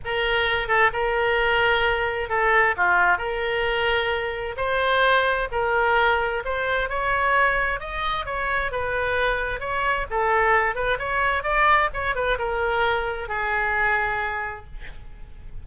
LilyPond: \new Staff \with { instrumentName = "oboe" } { \time 4/4 \tempo 4 = 131 ais'4. a'8 ais'2~ | ais'4 a'4 f'4 ais'4~ | ais'2 c''2 | ais'2 c''4 cis''4~ |
cis''4 dis''4 cis''4 b'4~ | b'4 cis''4 a'4. b'8 | cis''4 d''4 cis''8 b'8 ais'4~ | ais'4 gis'2. | }